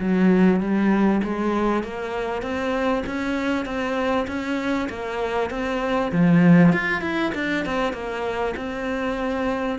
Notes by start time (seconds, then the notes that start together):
0.00 F#3
0.61 G3
1.24 G#3
1.84 A#3
2.43 C4
3.07 C#4
3.66 C4
4.28 C#4
4.90 A#3
5.51 C4
6.12 F3
6.73 F4
7.02 E4
7.35 D4
7.66 C4
7.94 A#3
8.57 C4